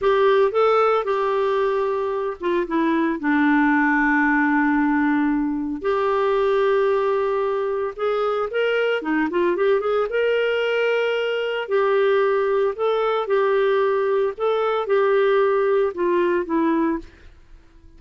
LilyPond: \new Staff \with { instrumentName = "clarinet" } { \time 4/4 \tempo 4 = 113 g'4 a'4 g'2~ | g'8 f'8 e'4 d'2~ | d'2. g'4~ | g'2. gis'4 |
ais'4 dis'8 f'8 g'8 gis'8 ais'4~ | ais'2 g'2 | a'4 g'2 a'4 | g'2 f'4 e'4 | }